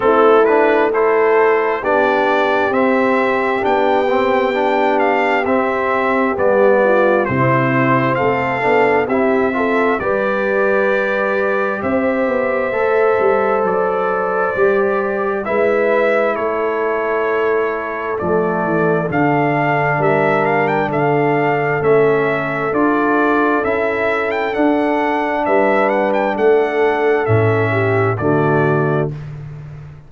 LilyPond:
<<
  \new Staff \with { instrumentName = "trumpet" } { \time 4/4 \tempo 4 = 66 a'8 b'8 c''4 d''4 e''4 | g''4. f''8 e''4 d''4 | c''4 f''4 e''4 d''4~ | d''4 e''2 d''4~ |
d''4 e''4 cis''2 | d''4 f''4 e''8 f''16 g''16 f''4 | e''4 d''4 e''8. g''16 fis''4 | e''8 fis''16 g''16 fis''4 e''4 d''4 | }
  \new Staff \with { instrumentName = "horn" } { \time 4/4 e'4 a'4 g'2~ | g'2.~ g'8 f'8 | e'4 a'4 g'8 a'8 b'4~ | b'4 c''2.~ |
c''4 b'4 a'2~ | a'2 ais'4 a'4~ | a'1 | b'4 a'4. g'8 fis'4 | }
  \new Staff \with { instrumentName = "trombone" } { \time 4/4 c'8 d'8 e'4 d'4 c'4 | d'8 c'8 d'4 c'4 b4 | c'4. d'8 e'8 f'8 g'4~ | g'2 a'2 |
g'4 e'2. | a4 d'2. | cis'4 f'4 e'4 d'4~ | d'2 cis'4 a4 | }
  \new Staff \with { instrumentName = "tuba" } { \time 4/4 a2 b4 c'4 | b2 c'4 g4 | c4 a8 b8 c'4 g4~ | g4 c'8 b8 a8 g8 fis4 |
g4 gis4 a2 | f8 e8 d4 g4 d4 | a4 d'4 cis'4 d'4 | g4 a4 a,4 d4 | }
>>